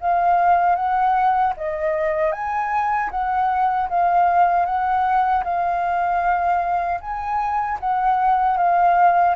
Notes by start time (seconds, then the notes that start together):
0.00 F5
0.75 F#5
1.57 D#5
2.32 G#5
3.11 F#5
3.89 F5
4.65 F#5
5.44 F5
7.01 G#5
7.80 F#5
8.57 F5